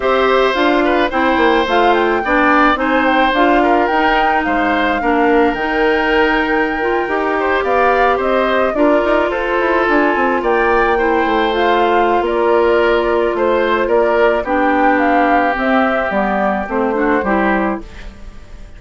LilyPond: <<
  \new Staff \with { instrumentName = "flute" } { \time 4/4 \tempo 4 = 108 e''4 f''4 g''4 f''8 g''8~ | g''4 gis''8 g''8 f''4 g''4 | f''2 g''2~ | g''4.~ g''16 f''4 dis''4 d''16~ |
d''8. c''4 gis''4 g''4~ g''16~ | g''8. f''4~ f''16 d''2 | c''4 d''4 g''4 f''4 | e''4 d''4 c''2 | }
  \new Staff \with { instrumentName = "oboe" } { \time 4/4 c''4. b'8 c''2 | d''4 c''4. ais'4. | c''4 ais'2.~ | ais'4~ ais'16 c''8 d''4 c''4 ais'16~ |
ais'8. a'2 d''4 c''16~ | c''2 ais'2 | c''4 ais'4 g'2~ | g'2~ g'8 fis'8 g'4 | }
  \new Staff \with { instrumentName = "clarinet" } { \time 4/4 g'4 f'4 e'4 f'4 | d'4 dis'4 f'4 dis'4~ | dis'4 d'4 dis'2~ | dis'16 f'8 g'2. f'16~ |
f'2.~ f'8. e'16~ | e'8. f'2.~ f'16~ | f'2 d'2 | c'4 b4 c'8 d'8 e'4 | }
  \new Staff \with { instrumentName = "bassoon" } { \time 4/4 c'4 d'4 c'8 ais8 a4 | b4 c'4 d'4 dis'4 | gis4 ais4 dis2~ | dis8. dis'4 b4 c'4 d'16~ |
d'16 dis'8 f'8 e'8 d'8 c'8 ais4~ ais16~ | ais16 a4.~ a16 ais2 | a4 ais4 b2 | c'4 g4 a4 g4 | }
>>